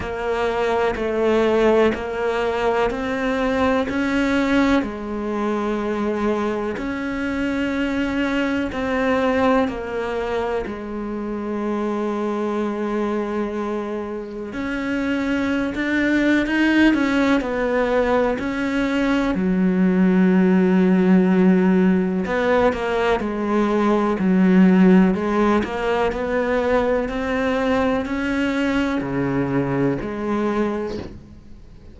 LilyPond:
\new Staff \with { instrumentName = "cello" } { \time 4/4 \tempo 4 = 62 ais4 a4 ais4 c'4 | cis'4 gis2 cis'4~ | cis'4 c'4 ais4 gis4~ | gis2. cis'4~ |
cis'16 d'8. dis'8 cis'8 b4 cis'4 | fis2. b8 ais8 | gis4 fis4 gis8 ais8 b4 | c'4 cis'4 cis4 gis4 | }